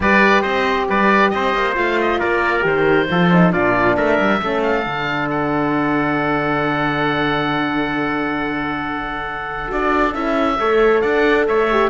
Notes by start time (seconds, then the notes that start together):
0.00 G3 G4 B4 D5
0.42 C4 C5 D#5
0.89 G3 B4 D5
1.30 C4 C5 D#5
1.54 A#3
1.74 A3 F4 F5
2.01 D#5
2.19 A#3 A#4 D5
2.61 D#3 G4 C5
3.10 F3 F4 A4
3.31 D#4
3.52 A#2 D4 F4 D5
3.95 A3 A#4 E5
4.19 G3
4.40 A3 C#4 A4
4.62 F5
4.84 D3 D4
5.30 F#5
9.67 D4 F#4 D5
10.13 C#4 E4 E5
10.58 A3 A4 C#5
11.01 D4 D5 F#5
11.47 A3 C#5 E5
11.71 G4